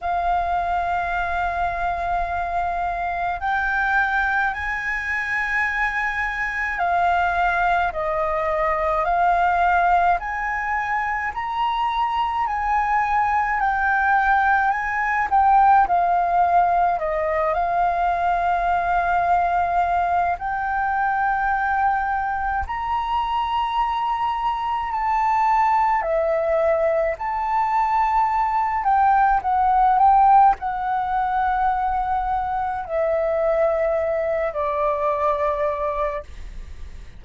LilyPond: \new Staff \with { instrumentName = "flute" } { \time 4/4 \tempo 4 = 53 f''2. g''4 | gis''2 f''4 dis''4 | f''4 gis''4 ais''4 gis''4 | g''4 gis''8 g''8 f''4 dis''8 f''8~ |
f''2 g''2 | ais''2 a''4 e''4 | a''4. g''8 fis''8 g''8 fis''4~ | fis''4 e''4. d''4. | }